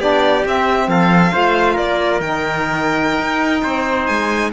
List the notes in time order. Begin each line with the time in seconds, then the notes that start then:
0.00 B3 D4 G4 D5
0.45 C4 E5
0.88 F3 A4 F5
1.32 A3 F4 C5
1.74 A#3 A#4 D5
2.20 D#3 D#4 G5
3.20 D#4
3.63 C4 C5
4.06 G#3 G#5